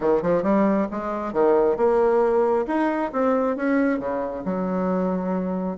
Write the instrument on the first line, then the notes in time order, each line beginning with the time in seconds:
bassoon
0.00 D#3
0.22 F3
0.42 G3
0.91 G#3
1.32 D#3
1.76 A#3
2.67 D#4
3.12 C4
3.56 C#4
3.99 C#3
4.44 F#3